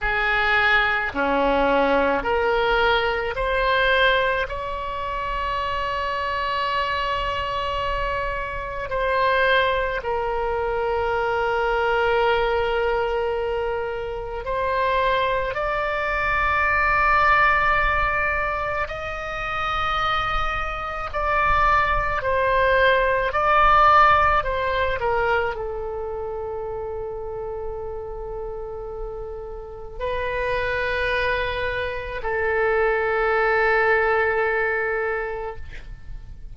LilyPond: \new Staff \with { instrumentName = "oboe" } { \time 4/4 \tempo 4 = 54 gis'4 cis'4 ais'4 c''4 | cis''1 | c''4 ais'2.~ | ais'4 c''4 d''2~ |
d''4 dis''2 d''4 | c''4 d''4 c''8 ais'8 a'4~ | a'2. b'4~ | b'4 a'2. | }